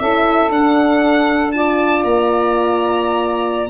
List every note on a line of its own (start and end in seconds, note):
0.00 0.51 C#4
0.00 0.50 E4
0.00 1.54 A4
0.00 0.51 E5
0.50 1.52 D4
0.50 2.04 D4
0.50 1.52 F#5
1.52 3.70 F4
1.52 3.70 D5
1.52 2.03 A5
2.04 3.70 A#3
2.04 3.70 A#5